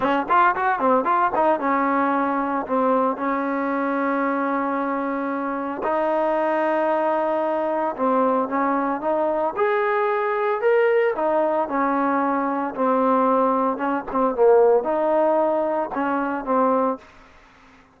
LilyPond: \new Staff \with { instrumentName = "trombone" } { \time 4/4 \tempo 4 = 113 cis'8 f'8 fis'8 c'8 f'8 dis'8 cis'4~ | cis'4 c'4 cis'2~ | cis'2. dis'4~ | dis'2. c'4 |
cis'4 dis'4 gis'2 | ais'4 dis'4 cis'2 | c'2 cis'8 c'8 ais4 | dis'2 cis'4 c'4 | }